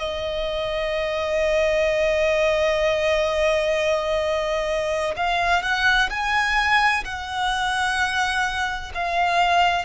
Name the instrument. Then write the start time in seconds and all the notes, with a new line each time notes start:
violin
0.00 D#5
5.17 F5
5.63 F#5
6.11 G#5
7.05 F#5
8.95 F5